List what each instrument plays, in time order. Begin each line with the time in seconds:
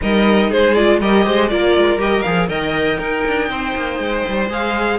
0.01 cello G3, viola D#4, violin A#4 D#5
0.49 cello G#3, violin G#4 C5
0.74 viola F4, violin D5
1.01 cello G3, viola G4, violin A#4 D#5
1.24 cello G#3, violin C5
1.49 cello A#3, viola F4, violin A#4 D5
1.77 cello G#3
1.96 cello G3, viola G4, violin D#5
2.22 cello F3, viola G#4, violin F5
2.48 cello D#3, viola A#4, violin D#5 G5
2.98 viola D#4, cello D#4, violin A#4
3.26 cello D4
3.49 cello C4, violin C5
3.76 cello A#3
3.99 cello G#3
4.28 cello G3
4.49 cello G#3, viola G#4, violin F5